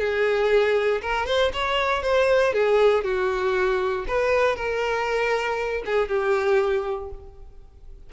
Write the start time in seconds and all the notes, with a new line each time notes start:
0.00 G#4
1.02 A#4
1.26 C5
1.54 C#5
2.03 C5
2.54 G#4
3.04 F#4
4.08 B4
4.56 A#4
5.86 G#4
6.09 G4